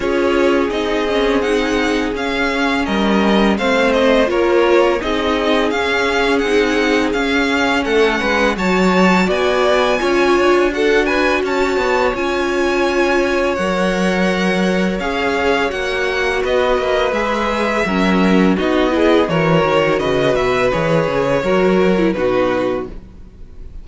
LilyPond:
<<
  \new Staff \with { instrumentName = "violin" } { \time 4/4 \tempo 4 = 84 cis''4 dis''4 fis''4 f''4 | dis''4 f''8 dis''8 cis''4 dis''4 | f''4 fis''4 f''4 fis''4 | a''4 gis''2 fis''8 gis''8 |
a''4 gis''2 fis''4~ | fis''4 f''4 fis''4 dis''4 | e''2 dis''4 cis''4 | dis''8 e''8 cis''2 b'4 | }
  \new Staff \with { instrumentName = "violin" } { \time 4/4 gis'1 | ais'4 c''4 ais'4 gis'4~ | gis'2. a'8 b'8 | cis''4 d''4 cis''4 a'8 b'8 |
cis''1~ | cis''2. b'4~ | b'4 ais'4 fis'8 gis'8 ais'4 | b'2 ais'4 fis'4 | }
  \new Staff \with { instrumentName = "viola" } { \time 4/4 f'4 dis'8 cis'8 dis'4 cis'4~ | cis'4 c'4 f'4 dis'4 | cis'4 dis'4 cis'2 | fis'2 f'4 fis'4~ |
fis'4 f'2 ais'4~ | ais'4 gis'4 fis'2 | gis'4 cis'4 dis'8 e'8 fis'4~ | fis'4 gis'4 fis'8. e'16 dis'4 | }
  \new Staff \with { instrumentName = "cello" } { \time 4/4 cis'4 c'2 cis'4 | g4 a4 ais4 c'4 | cis'4 c'4 cis'4 a8 gis8 | fis4 b4 cis'8 d'4. |
cis'8 b8 cis'2 fis4~ | fis4 cis'4 ais4 b8 ais8 | gis4 fis4 b4 e8 dis8 | cis8 b,8 e8 cis8 fis4 b,4 | }
>>